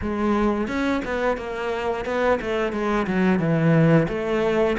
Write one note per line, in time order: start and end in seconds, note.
0.01 0.67 G#3
0.67 1.01 C#4
1.04 1.37 B3
1.37 2.05 A#3
2.05 2.39 B3
2.41 2.72 A3
2.72 3.06 G#3
3.07 3.39 F#3
3.39 4.07 E3
4.08 4.76 A3